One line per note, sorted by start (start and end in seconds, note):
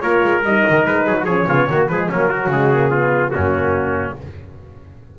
0.00 0.23 A#3
0.00 0.43 F4
0.00 1.07 A#4
0.00 0.41 C#5
0.24 0.43 G#3
0.43 0.64 G3
0.43 1.28 D#4
0.43 0.86 D#5
0.69 0.86 D#3
0.86 1.07 G#3
0.86 1.24 B4
1.07 1.25 F#3
1.07 1.17 G#4
1.19 1.25 F#4
1.19 1.86 C#5
1.25 1.46 F3
1.25 1.48 C#4
1.25 1.46 G#4
1.47 1.68 C#3
1.47 1.69 B3
1.47 1.69 F4
1.69 1.89 D#3
1.69 1.90 A#3
1.69 1.91 F#4
1.88 2.09 F3
1.88 2.11 G#3
1.88 2.09 G#4
1.88 2.08 B4
2.09 2.47 F#3
2.09 2.32 A#3
2.09 2.29 C#4
2.09 2.52 A#4
2.29 2.52 F#3
2.29 2.91 F#4
2.47 3.30 C#3
2.47 2.72 G#3
2.47 3.30 G#4
2.72 2.91 A#3
2.91 3.33 B3
2.91 3.32 F4
3.30 4.18 F#2
3.30 4.16 A#3
3.30 4.17 C#4
3.30 4.13 F#4